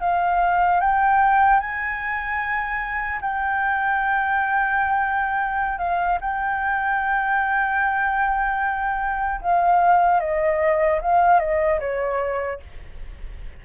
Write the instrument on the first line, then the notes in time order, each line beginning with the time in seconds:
flute
0.00 F5
0.80 G5
1.60 G#5
3.21 G5
5.78 F5
6.20 G5
9.41 F5
10.20 D#5
11.01 F5
11.39 D#5
11.80 C#5